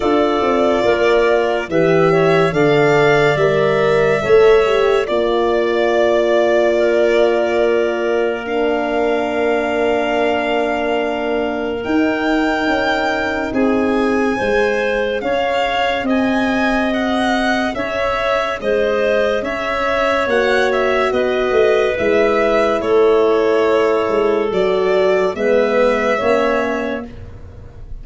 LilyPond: <<
  \new Staff \with { instrumentName = "violin" } { \time 4/4 \tempo 4 = 71 d''2 e''4 f''4 | e''2 d''2~ | d''2 f''2~ | f''2 g''2 |
gis''2 f''4 gis''4 | fis''4 e''4 dis''4 e''4 | fis''8 e''8 dis''4 e''4 cis''4~ | cis''4 d''4 e''2 | }
  \new Staff \with { instrumentName = "clarinet" } { \time 4/4 a'4 ais'4 b'8 cis''8 d''4~ | d''4 cis''4 d''2 | ais'1~ | ais'1 |
gis'4 c''4 cis''4 dis''4~ | dis''4 cis''4 c''4 cis''4~ | cis''4 b'2 a'4~ | a'2 b'4 cis''4 | }
  \new Staff \with { instrumentName = "horn" } { \time 4/4 f'2 g'4 a'4 | ais'4 a'8 g'8 f'2~ | f'2 d'2~ | d'2 dis'2~ |
dis'4 gis'2.~ | gis'1 | fis'2 e'2~ | e'4 fis'4 b4 cis'4 | }
  \new Staff \with { instrumentName = "tuba" } { \time 4/4 d'8 c'8 ais4 e4 d4 | g4 a4 ais2~ | ais1~ | ais2 dis'4 cis'4 |
c'4 gis4 cis'4 c'4~ | c'4 cis'4 gis4 cis'4 | ais4 b8 a8 gis4 a4~ | a8 gis8 fis4 gis4 ais4 | }
>>